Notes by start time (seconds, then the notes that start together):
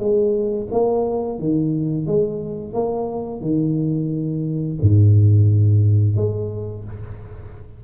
0.00 G#3
0.72 A#3
1.39 D#3
2.07 G#3
2.74 A#3
3.41 D#3
4.82 G#2
6.17 G#3